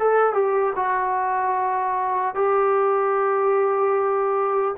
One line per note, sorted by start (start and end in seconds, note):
0.00 0.33 A4
0.33 0.73 G4
0.76 2.35 F#4
2.35 4.75 G4